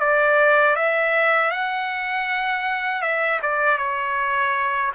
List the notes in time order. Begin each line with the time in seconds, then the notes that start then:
0.00 D5
0.76 E5
1.51 F#5
3.02 E5
3.42 D5
3.78 C#5